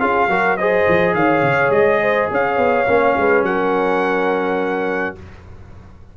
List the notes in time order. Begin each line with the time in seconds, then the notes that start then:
0.00 C#4 F4 G#4 F5
0.27 F#3 F#4 A#4
0.57 G#4 C5 D#5
0.88 F3
1.14 D#3 C#5 F5
1.42 C#3
1.70 G#3 D#5
2.02 C5
2.31 C#4 C#5 F5
2.57 B3
2.87 A#3 C#4
3.17 G#3 B4
3.42 F#3 A#4 F#5